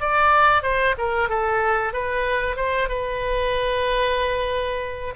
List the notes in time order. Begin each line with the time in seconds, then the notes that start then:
0.00 D5
0.63 C5
0.98 A#4
1.29 A4
1.93 B4
2.56 C5
2.89 B4